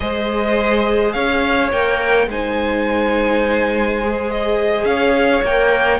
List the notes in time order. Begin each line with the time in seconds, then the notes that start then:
0.00 G#3 G#4 C5 D#5
1.12 C#4 C#5 F5
1.71 A#3 A#4 G5
2.26 G#3 D#4 C5 G#5
4.01 G#4
4.31 D#5
4.84 C#4 C#5 F5
5.42 A#3 A#4 G5